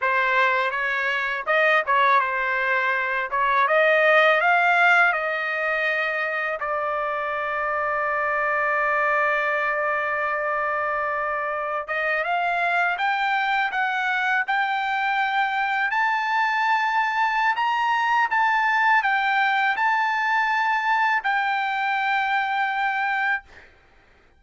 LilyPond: \new Staff \with { instrumentName = "trumpet" } { \time 4/4 \tempo 4 = 82 c''4 cis''4 dis''8 cis''8 c''4~ | c''8 cis''8 dis''4 f''4 dis''4~ | dis''4 d''2.~ | d''1~ |
d''16 dis''8 f''4 g''4 fis''4 g''16~ | g''4.~ g''16 a''2~ a''16 | ais''4 a''4 g''4 a''4~ | a''4 g''2. | }